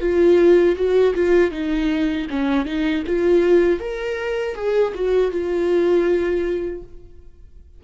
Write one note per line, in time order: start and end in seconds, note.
0.00 0.76 F4
0.76 1.14 F#4
1.15 1.51 F4
1.51 2.27 D#4
2.30 2.65 C#4
2.65 3.03 D#4
3.07 3.80 F4
3.80 4.55 A#4
4.55 4.93 G#4
4.95 5.31 F#4
5.31 6.83 F4